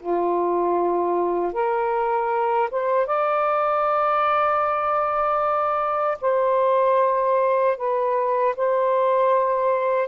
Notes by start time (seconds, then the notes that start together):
0.00 F4
1.53 A#4
2.71 C5
3.06 D5
6.21 C5
7.77 B4
8.56 C5